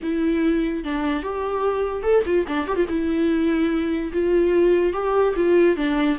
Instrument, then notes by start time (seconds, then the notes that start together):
viola
0.02 E4
0.84 D4
1.22 G4
2.02 A4
2.25 F4
2.47 D4
2.67 G4
2.75 F4
2.88 E4
4.12 F4
4.93 G4
5.36 F4
5.76 D4